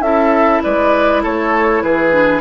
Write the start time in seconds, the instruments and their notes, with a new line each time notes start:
0.00 bassoon C#4, clarinet E4, oboe A4, flute E5
0.63 bassoon G#3, oboe B4, flute D5
1.22 bassoon A3, oboe A4, flute C#5
1.82 bassoon E3, oboe G#4, flute B4
2.12 clarinet D4